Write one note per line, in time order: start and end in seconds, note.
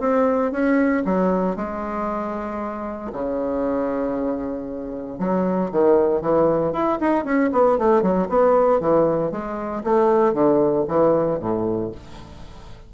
0.00 0.52 C4
0.52 1.03 C#4
1.05 1.56 F#3
1.56 3.11 G#3
3.12 5.19 C#3
5.19 5.70 F#3
5.71 6.22 D#3
6.22 6.73 E3
6.73 6.99 E4
7.00 7.25 D#4
7.25 7.50 C#4
7.52 7.78 B3
7.78 8.02 A3
8.02 8.28 F#3
8.29 8.80 B3
8.80 9.31 E3
9.31 9.83 G#3
9.84 10.34 A3
10.34 10.85 D3
10.88 11.40 E3
11.40 11.91 A2